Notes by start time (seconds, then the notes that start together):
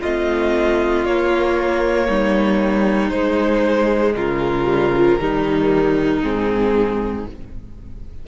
0.00 A3 C4 F4 D#5
1.05 A#3 C#5
2.08 G3 D#4
3.09 G#3 C5
4.14 C#3 F4 A#4
4.65 G3
4.96 F3
5.19 D#3 G3 D#4
6.22 G#2 C4 G#4